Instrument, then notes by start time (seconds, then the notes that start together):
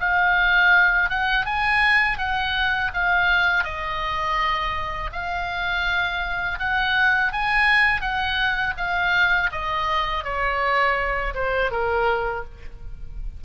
oboe
0.00 F5
1.09 F#5
1.46 G#5
2.18 F#5
2.93 F5
3.64 D#5
5.12 F5
6.59 F#5
7.32 G#5
8.01 F#5
8.77 F5
9.52 D#5
10.24 C#5
11.34 C5
11.71 A#4